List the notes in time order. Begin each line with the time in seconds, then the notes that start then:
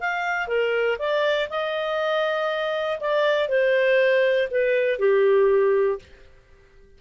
0.00 F5
0.47 A#4
0.98 D5
1.49 D#5
3.00 D5
3.48 C5
4.50 B4
4.99 G4